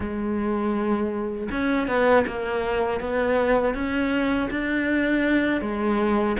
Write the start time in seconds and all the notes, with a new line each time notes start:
0.00 G#3
1.51 C#4
1.88 B3
2.26 A#3
3.00 B3
3.74 C#4
4.50 D4
5.61 G#3